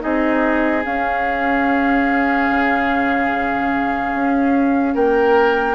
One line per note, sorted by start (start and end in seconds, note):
0.00 0.85 C4
0.00 0.82 D#4
0.00 4.95 G#4
0.00 0.84 D#5
0.85 2.50 C#4
0.85 5.75 C#4
0.85 4.96 F5
2.50 4.14 C#3
4.14 4.95 C#4
4.95 5.75 A#3
4.95 5.75 A#4
4.95 5.75 G5